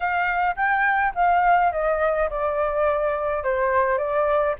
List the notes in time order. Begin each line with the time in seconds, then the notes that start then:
0.00 F5
0.56 G5
1.14 F5
1.71 D#5
2.30 D5
3.43 C5
3.98 D5